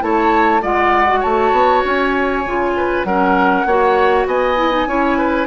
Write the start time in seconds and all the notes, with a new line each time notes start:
0.00 A3 E4 C#5 A5
0.61 G#3 F4 D5 F#5
1.07 F#4
1.20 A3 C#5 A5
1.52 B3
1.85 C#4 G#5
2.46 C#3 F4
2.77 B4
3.04 F#3 C#4 A#4 F#5
3.66 A#3 F#4 C#5
4.27 B3 D#5 G#5
4.56 E4
4.71 D#4
4.87 C#4 E4 C#5
5.18 B4